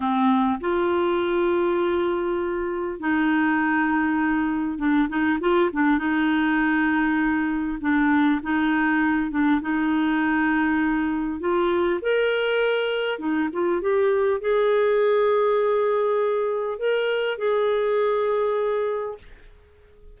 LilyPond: \new Staff \with { instrumentName = "clarinet" } { \time 4/4 \tempo 4 = 100 c'4 f'2.~ | f'4 dis'2. | d'8 dis'8 f'8 d'8 dis'2~ | dis'4 d'4 dis'4. d'8 |
dis'2. f'4 | ais'2 dis'8 f'8 g'4 | gis'1 | ais'4 gis'2. | }